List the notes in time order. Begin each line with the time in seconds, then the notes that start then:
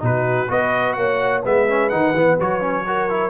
0.00 B2 D#4 F#4 B4
0.49 B3 F#4 B4 D#5
0.94 A#3 C#5 F#5
1.43 G#3 B3 B4 E5
1.69 C#4
1.90 D#3 D#4 F#5
2.14 E3 B3
2.41 F#3 F#4 C#5
2.61 C#4
2.87 F#4 A#4
3.10 E4